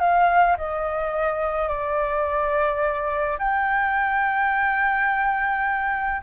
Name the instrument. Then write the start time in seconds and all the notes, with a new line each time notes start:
flute
0.00 F5
0.58 D#5
1.68 D5
3.39 G5